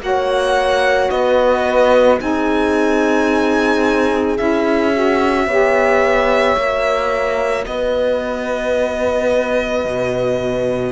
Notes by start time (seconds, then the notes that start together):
0.00 A#3 F#4 C#5 F#5
1.10 B3 B4 D#5
2.19 C4 D#4 G#4 G#5
4.37 C#4 E4 E5
4.93 F#4
5.46 B3 G4 C#5
6.56 A#3 F#4
7.66 B3 B4 D#5
9.85 B2